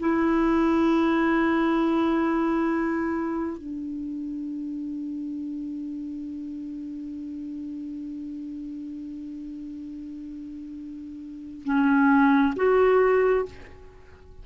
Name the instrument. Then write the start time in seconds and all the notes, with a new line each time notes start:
clarinet
0.00 E4
3.58 D4
11.65 C#4
12.56 F#4